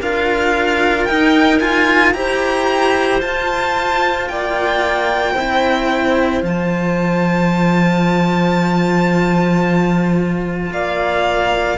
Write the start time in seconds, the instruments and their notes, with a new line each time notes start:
0.00 cello D4 F4, clarinet A#4, violin F5
1.04 cello D#4, violin G5
1.59 cello F4, violin G#5
2.12 cello E4 G4, clarinet C5, violin A#5
3.20 cello F4, violin A5
4.27 cello A#3, clarinet D5, violin G5
5.31 cello C4, clarinet C5
5.38 cello E4
6.42 cello F3 F4, violin A5
10.71 cello A#3, clarinet D5, violin F5